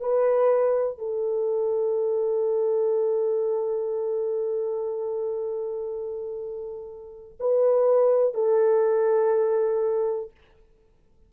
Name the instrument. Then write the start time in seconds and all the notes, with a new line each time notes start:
horn
0.00 B4
0.98 A4
7.39 B4
8.34 A4